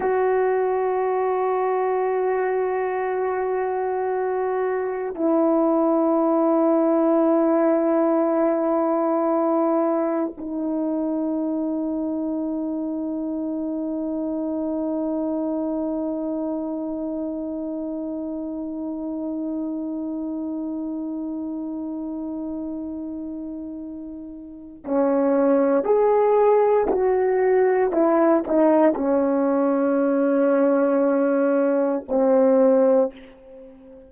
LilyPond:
\new Staff \with { instrumentName = "horn" } { \time 4/4 \tempo 4 = 58 fis'1~ | fis'4 e'2.~ | e'2 dis'2~ | dis'1~ |
dis'1~ | dis'1 | cis'4 gis'4 fis'4 e'8 dis'8 | cis'2. c'4 | }